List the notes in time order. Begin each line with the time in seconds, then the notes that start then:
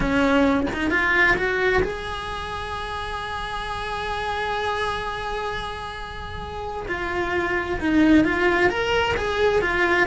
0.00 C#4
0.73 D#4
0.90 F4
1.36 F#4
1.83 G#4
6.88 F4
7.80 D#4
8.24 F4
8.69 A#4
9.16 G#4
9.61 F4